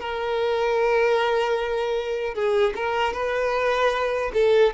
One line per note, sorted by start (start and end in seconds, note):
0.00 2.34 A#4
2.34 2.73 G#4
2.75 3.13 A#4
3.13 4.31 B4
4.33 4.73 A4